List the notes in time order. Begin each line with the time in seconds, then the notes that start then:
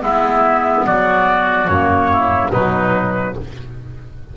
0.00 G#3 B3 E4 E5
0.86 F#3 F#4 D5
1.68 F#2 A#3 C#5
2.12 E4
2.51 B2 F#3 D#4 B4